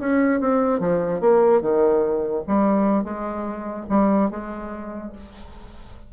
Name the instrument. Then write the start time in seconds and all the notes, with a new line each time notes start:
bassoon
0.00 C#4
0.41 C4
0.80 F3
1.21 A#3
1.62 D#3
2.48 G3
3.04 G#3
3.90 G3
4.31 G#3